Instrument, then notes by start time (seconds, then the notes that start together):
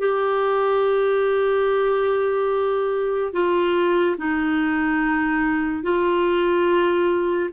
clarinet
0.00 G4
3.33 F4
4.18 D#4
5.84 F4